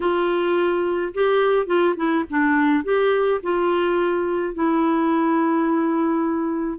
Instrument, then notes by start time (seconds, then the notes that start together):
clarinet
0.00 F4
1.14 G4
1.66 F4
1.96 E4
2.30 D4
2.84 G4
3.42 F4
4.54 E4